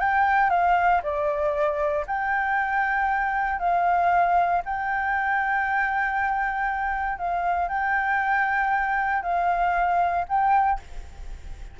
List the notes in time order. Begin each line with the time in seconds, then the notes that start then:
0.00 G5
0.50 F5
1.03 D5
2.07 G5
3.60 F5
4.65 G5
7.19 F5
7.69 G5
9.23 F5
10.28 G5